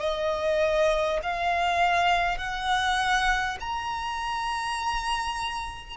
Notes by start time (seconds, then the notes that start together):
0.00 D#5
1.23 F5
2.38 F#5
3.60 A#5